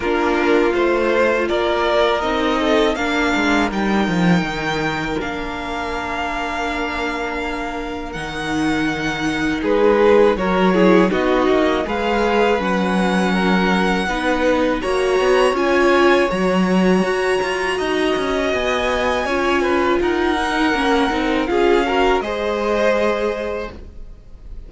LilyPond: <<
  \new Staff \with { instrumentName = "violin" } { \time 4/4 \tempo 4 = 81 ais'4 c''4 d''4 dis''4 | f''4 g''2 f''4~ | f''2. fis''4~ | fis''4 gis'4 cis''4 dis''4 |
f''4 fis''2. | ais''4 gis''4 ais''2~ | ais''4 gis''2 fis''4~ | fis''4 f''4 dis''2 | }
  \new Staff \with { instrumentName = "violin" } { \time 4/4 f'2 ais'4. a'8 | ais'1~ | ais'1~ | ais'4 b'4 ais'8 gis'8 fis'4 |
b'2 ais'4 b'4 | cis''1 | dis''2 cis''8 b'8 ais'4~ | ais'4 gis'8 ais'8 c''2 | }
  \new Staff \with { instrumentName = "viola" } { \time 4/4 d'4 f'2 dis'4 | d'4 dis'2 d'4~ | d'2. dis'4~ | dis'2 fis'8 e'8 dis'4 |
gis'4 cis'2 dis'4 | fis'4 f'4 fis'2~ | fis'2 f'4. dis'8 | cis'8 dis'8 f'8 fis'8 gis'2 | }
  \new Staff \with { instrumentName = "cello" } { \time 4/4 ais4 a4 ais4 c'4 | ais8 gis8 g8 f8 dis4 ais4~ | ais2. dis4~ | dis4 gis4 fis4 b8 ais8 |
gis4 fis2 b4 | ais8 b8 cis'4 fis4 fis'8 f'8 | dis'8 cis'8 b4 cis'4 dis'4 | ais8 c'8 cis'4 gis2 | }
>>